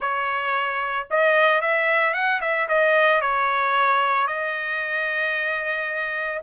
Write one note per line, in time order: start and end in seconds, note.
0.00 1.08 C#5
1.10 1.61 D#5
1.61 2.13 E5
2.13 2.40 F#5
2.41 2.67 E5
2.68 3.21 D#5
3.21 4.27 C#5
4.27 6.41 D#5